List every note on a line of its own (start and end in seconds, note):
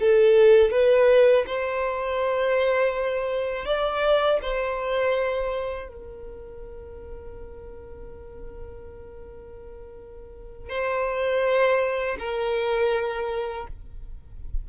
0.00 0.71 A4
0.71 1.45 B4
1.46 3.65 C5
3.65 4.39 D5
4.42 5.88 C5
5.88 10.69 A#4
10.69 12.17 C5
12.19 13.67 A#4